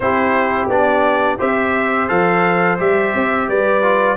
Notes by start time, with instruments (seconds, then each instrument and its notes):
0.00 tuba C4, trombone E4, horn G4, trumpet C5
0.68 tuba B3, trombone D4, trumpet D5
1.38 tuba C4, trombone G4, horn C5, trumpet E5
2.08 tuba F3, trombone A4, trumpet F5
2.78 tuba G3, trombone G4, trumpet E5
3.14 tuba C4
3.48 tuba G3, horn B4, trumpet D5
3.82 trombone F4